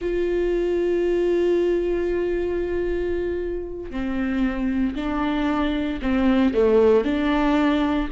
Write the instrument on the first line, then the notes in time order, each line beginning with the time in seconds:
viola
0.01 F4
3.90 C4
4.95 D4
6.02 C4
6.54 A3
7.04 D4